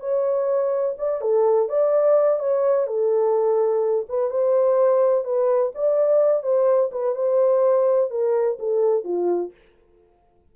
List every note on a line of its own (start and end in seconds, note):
0.00 0.95 C#5
0.98 1.21 D5
1.21 1.69 A4
1.69 2.39 D5
2.39 2.87 C#5
2.87 4.06 A4
4.09 4.30 B4
4.30 5.24 C5
5.24 5.72 B4
5.75 6.43 D5
6.43 6.90 C5
6.92 7.15 B4
7.15 8.11 C5
8.11 8.58 A#4
8.59 9.04 A4
9.04 9.52 F4